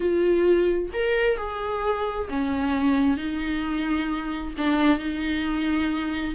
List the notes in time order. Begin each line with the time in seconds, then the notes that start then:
0.00 F4
0.93 A#4
1.37 G#4
2.29 C#4
3.17 D#4
4.57 D4
4.98 D#4